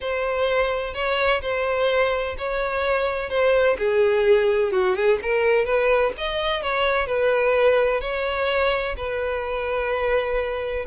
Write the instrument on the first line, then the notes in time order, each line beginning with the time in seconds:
violin
0.00 C5
0.94 C#5
1.41 C5
2.38 C#5
3.29 C5
3.78 G#4
4.71 F#4
4.95 G#4
5.22 A#4
5.65 B4
6.17 D#5
6.62 C#5
7.07 B4
8.01 C#5
8.96 B4